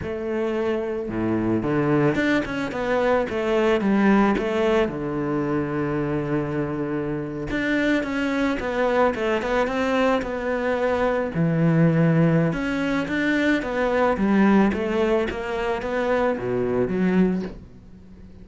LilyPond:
\new Staff \with { instrumentName = "cello" } { \time 4/4 \tempo 4 = 110 a2 a,4 d4 | d'8 cis'8 b4 a4 g4 | a4 d2.~ | d4.~ d16 d'4 cis'4 b16~ |
b8. a8 b8 c'4 b4~ b16~ | b8. e2~ e16 cis'4 | d'4 b4 g4 a4 | ais4 b4 b,4 fis4 | }